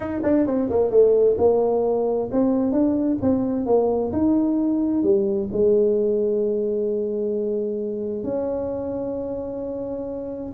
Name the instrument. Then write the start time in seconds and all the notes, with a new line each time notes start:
tuba
0.00 D#4
0.23 D4
0.46 C4
0.69 A#3
0.90 A3
1.38 A#3
2.31 C4
2.71 D4
3.21 C4
3.66 A#3
4.12 D#4
5.03 G3
5.52 G#3
8.23 C#4